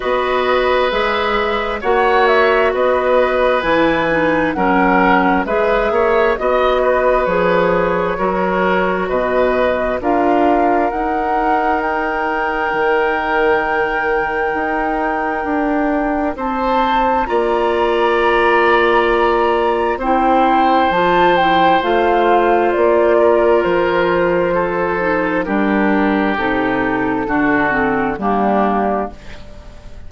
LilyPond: <<
  \new Staff \with { instrumentName = "flute" } { \time 4/4 \tempo 4 = 66 dis''4 e''4 fis''8 e''8 dis''4 | gis''4 fis''4 e''4 dis''4 | cis''2 dis''4 f''4 | fis''4 g''2.~ |
g''2 a''4 ais''4~ | ais''2 g''4 a''8 g''8 | f''4 d''4 c''2 | ais'4 a'2 g'4 | }
  \new Staff \with { instrumentName = "oboe" } { \time 4/4 b'2 cis''4 b'4~ | b'4 ais'4 b'8 cis''8 dis''8 b'8~ | b'4 ais'4 b'4 ais'4~ | ais'1~ |
ais'2 c''4 d''4~ | d''2 c''2~ | c''4. ais'4. a'4 | g'2 fis'4 d'4 | }
  \new Staff \with { instrumentName = "clarinet" } { \time 4/4 fis'4 gis'4 fis'2 | e'8 dis'8 cis'4 gis'4 fis'4 | gis'4 fis'2 f'4 | dis'1~ |
dis'2. f'4~ | f'2 e'4 f'8 e'8 | f'2.~ f'8 dis'8 | d'4 dis'4 d'8 c'8 ais4 | }
  \new Staff \with { instrumentName = "bassoon" } { \time 4/4 b4 gis4 ais4 b4 | e4 fis4 gis8 ais8 b4 | f4 fis4 b,4 d'4 | dis'2 dis2 |
dis'4 d'4 c'4 ais4~ | ais2 c'4 f4 | a4 ais4 f2 | g4 c4 d4 g4 | }
>>